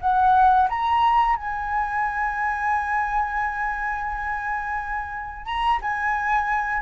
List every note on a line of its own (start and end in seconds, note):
0.00 0.68 F#5
0.69 1.36 A#5
1.36 5.45 G#5
5.45 5.79 A#5
5.81 6.82 G#5